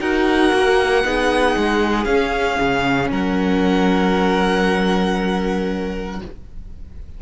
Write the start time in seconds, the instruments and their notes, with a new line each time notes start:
0.00 cello D#4, viola F#4, violin A#4 F#5
0.52 cello A#3
1.04 cello B3, viola D#4, violin G#4
1.56 cello G#3
2.04 cello C#4, viola C#4, violin F5
2.60 cello C#3
3.11 cello F#3, violin A#4 F#5